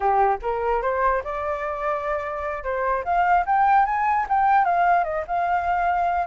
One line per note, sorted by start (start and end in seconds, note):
0.00 0.38 G4
0.41 0.82 A#4
0.82 1.22 C5
1.23 2.63 D5
2.63 3.04 C5
3.04 3.44 F5
3.46 3.85 G5
3.85 4.26 G#5
4.28 4.64 G5
4.64 5.04 F5
5.04 5.24 D#5
5.27 6.26 F5